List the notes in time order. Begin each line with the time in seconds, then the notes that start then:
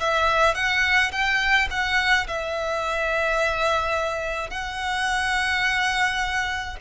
0.00 E5
0.55 F#5
1.12 G5
1.71 F#5
2.27 E5
4.50 F#5